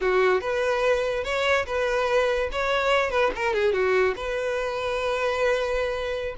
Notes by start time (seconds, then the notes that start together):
0.00 F#4
0.40 B4
1.24 C#5
1.66 B4
2.52 C#5
3.10 B4
3.35 A#4
3.53 G#4
3.72 F#4
4.16 B4